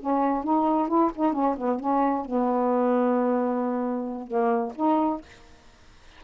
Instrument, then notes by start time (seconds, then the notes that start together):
saxophone
0.00 C#4
0.44 D#4
0.88 E4
1.15 D#4
1.33 C#4
1.57 B3
1.80 C#4
2.25 B3
4.27 A#3
4.76 D#4